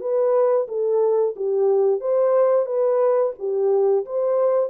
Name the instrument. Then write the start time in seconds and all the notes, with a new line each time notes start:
horn
0.00 B4
0.68 A4
1.35 G4
2.00 C5
2.65 B4
3.38 G4
4.05 C5